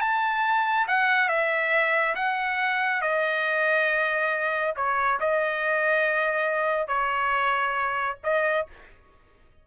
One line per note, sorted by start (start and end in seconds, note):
0.00 0.86 A5
0.87 1.28 F#5
1.28 2.14 E5
2.15 3.01 F#5
3.01 4.74 D#5
4.76 5.19 C#5
5.20 6.87 D#5
6.87 8.17 C#5
8.23 8.66 D#5